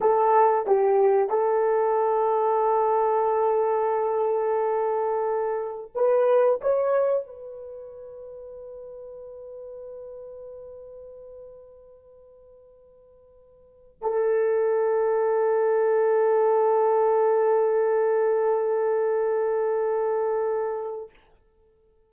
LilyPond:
\new Staff \with { instrumentName = "horn" } { \time 4/4 \tempo 4 = 91 a'4 g'4 a'2~ | a'1~ | a'4 b'4 cis''4 b'4~ | b'1~ |
b'1~ | b'4~ b'16 a'2~ a'8.~ | a'1~ | a'1 | }